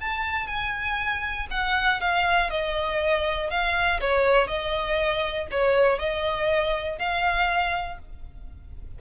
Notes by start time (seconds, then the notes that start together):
0.00 A5
0.47 G#5
1.51 F#5
2.00 F5
2.50 D#5
3.50 F5
4.00 C#5
4.47 D#5
5.51 C#5
5.99 D#5
6.99 F5